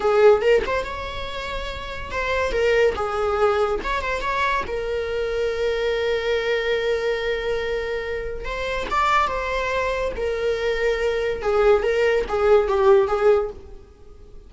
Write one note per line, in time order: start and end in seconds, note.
0.00 0.41 G#4
0.41 0.62 A#4
0.66 0.84 C5
0.84 2.11 C#5
2.11 2.52 C5
2.52 2.94 A#4
2.95 3.79 G#4
3.83 4.01 C#5
4.01 4.21 C5
4.21 4.63 C#5
4.67 8.44 A#4
8.44 8.87 C5
8.90 9.27 D5
9.27 10.12 C5
10.16 11.41 A#4
11.41 11.82 G#4
11.82 12.25 A#4
12.28 12.68 G#4
12.68 13.07 G4
13.07 13.49 G#4